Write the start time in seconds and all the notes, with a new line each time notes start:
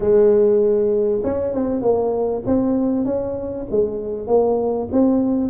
0.00 G#3
1.23 C#4
1.54 C4
1.81 A#3
2.46 C4
3.05 C#4
3.70 G#3
4.27 A#3
4.91 C4